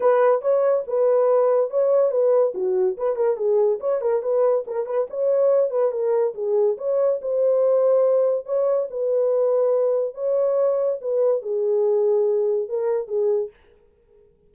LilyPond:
\new Staff \with { instrumentName = "horn" } { \time 4/4 \tempo 4 = 142 b'4 cis''4 b'2 | cis''4 b'4 fis'4 b'8 ais'8 | gis'4 cis''8 ais'8 b'4 ais'8 b'8 | cis''4. b'8 ais'4 gis'4 |
cis''4 c''2. | cis''4 b'2. | cis''2 b'4 gis'4~ | gis'2 ais'4 gis'4 | }